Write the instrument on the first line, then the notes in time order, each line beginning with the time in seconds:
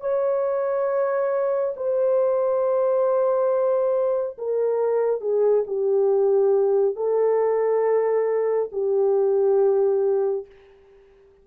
horn
0.00 C#5
1.76 C5
4.38 A#4
5.21 G#4
5.66 G4
6.95 A4
8.72 G4